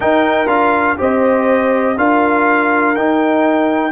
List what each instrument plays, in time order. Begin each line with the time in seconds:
0.00 trombone D#4, tuba D#4, horn A#4, trumpet G5
0.47 tuba D4, trombone F4, trumpet F5
0.97 tuba C4, trombone G4, horn C5, trumpet D#5
1.97 tuba D4, trombone F4, horn A#4, trumpet F5
2.95 tuba D#4, trombone D#4, trumpet G5